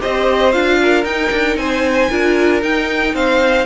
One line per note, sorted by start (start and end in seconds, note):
0.00 0.56 C4
0.00 0.52 G4
0.00 0.79 C5
0.00 0.52 D#5
0.52 1.04 D4
0.52 1.05 F4
0.52 1.05 F5
0.83 1.60 A#4
1.04 1.31 D#4
1.04 2.11 D#4
1.04 1.57 G5
1.32 1.56 D4
1.56 2.09 C4
1.56 2.10 C5
1.56 2.62 G#5
2.10 2.62 D4
2.10 2.61 F4
2.10 3.14 A#4
2.61 3.66 D#4
2.61 3.14 D#4
2.61 3.15 G5
3.14 3.66 C4
3.14 3.66 C5
3.14 3.66 F5